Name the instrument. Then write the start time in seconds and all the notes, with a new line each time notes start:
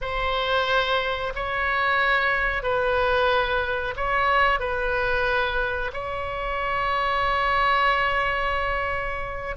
oboe
0.01 C5
1.35 C#5
2.62 B4
3.96 C#5
4.59 B4
5.93 C#5